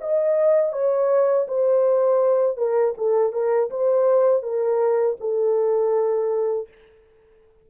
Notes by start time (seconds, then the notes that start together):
0.00 D#5
0.72 C#5
1.47 C5
2.57 A#4
2.97 A4
3.32 A#4
3.70 C5
4.42 A#4
5.20 A4